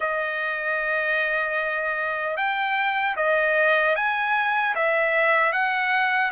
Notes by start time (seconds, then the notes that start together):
0.00 D#5
2.36 G5
3.16 D#5
3.95 G#5
4.75 E5
5.52 F#5